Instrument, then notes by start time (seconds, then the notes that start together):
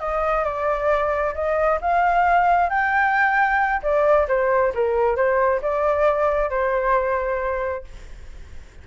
flute
0.00 D#5
0.45 D5
1.35 D#5
1.81 F5
2.70 G5
3.82 D5
4.28 C5
4.74 A#4
5.16 C5
5.62 D5
6.50 C5